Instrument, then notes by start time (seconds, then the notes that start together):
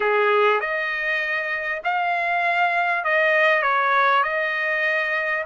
trumpet
0.00 G#4
0.60 D#5
1.83 F5
3.04 D#5
3.62 C#5
4.23 D#5